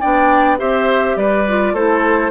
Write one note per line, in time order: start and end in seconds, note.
0.00 0.61 B3
0.00 0.58 D4
0.00 0.58 D5
0.00 0.58 G5
0.58 1.16 C4
0.58 1.45 G4
0.58 1.17 C5
0.58 1.17 E5
1.16 1.73 G3
1.16 1.74 B4
1.16 1.74 D5
1.48 1.76 F4
1.73 2.31 A3
1.73 2.31 E4
1.73 2.31 A4
1.73 2.31 C5